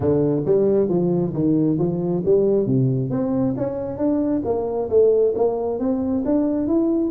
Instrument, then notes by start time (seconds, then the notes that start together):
tuba
0.00 D3
0.45 G3
0.88 F3
1.33 D#3
1.78 F3
2.25 G3
2.66 C3
3.10 C4
3.57 C#4
3.97 D4
4.44 A#3
4.89 A3
5.35 A#3
5.79 C4
6.25 D4
6.67 E4